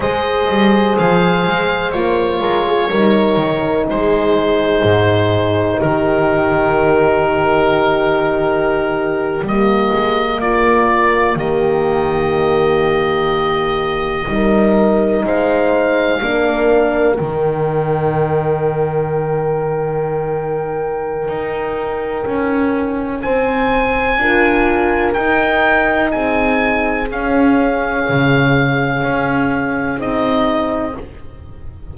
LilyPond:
<<
  \new Staff \with { instrumentName = "oboe" } { \time 4/4 \tempo 4 = 62 dis''4 f''4 cis''2 | c''2 ais'2~ | ais'4.~ ais'16 dis''4 d''4 dis''16~ | dis''2.~ dis''8. f''16~ |
f''4.~ f''16 g''2~ g''16~ | g''1 | gis''2 g''4 gis''4 | f''2. dis''4 | }
  \new Staff \with { instrumentName = "horn" } { \time 4/4 c''2~ c''8 ais'16 gis'16 ais'4 | gis'2 g'2~ | g'2~ g'8. f'4 g'16~ | g'2~ g'8. ais'4 c''16~ |
c''8. ais'2.~ ais'16~ | ais'1 | c''4 ais'2 gis'4~ | gis'1 | }
  \new Staff \with { instrumentName = "horn" } { \time 4/4 gis'2 f'4 dis'4~ | dis'1~ | dis'4.~ dis'16 ais2~ ais16~ | ais2~ ais8. dis'4~ dis'16~ |
dis'8. d'4 dis'2~ dis'16~ | dis'1~ | dis'4 f'4 dis'2 | cis'2. dis'4 | }
  \new Staff \with { instrumentName = "double bass" } { \time 4/4 gis8 g8 f8 gis8 ais8 gis8 g8 dis8 | gis4 gis,4 dis2~ | dis4.~ dis16 g8 gis8 ais4 dis16~ | dis2~ dis8. g4 gis16~ |
gis8. ais4 dis2~ dis16~ | dis2 dis'4 cis'4 | c'4 d'4 dis'4 c'4 | cis'4 cis4 cis'4 c'4 | }
>>